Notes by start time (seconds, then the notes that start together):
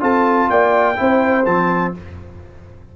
0.00 C4 F4 A4 A5
0.50 A#3 D5 G5
0.96 C4 E4 C5
1.45 F3 C4 A5